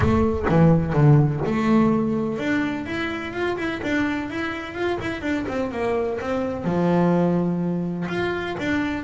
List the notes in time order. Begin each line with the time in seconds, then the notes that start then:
0.00 A3
0.48 E3
0.93 D3
1.45 A3
2.38 D4
2.86 E4
3.33 F4
3.57 E4
3.82 D4
4.30 E4
4.74 F4
5.01 E4
5.21 D4
5.47 C4
5.71 A#3
6.20 C4
6.64 F3
8.08 F4
8.59 D4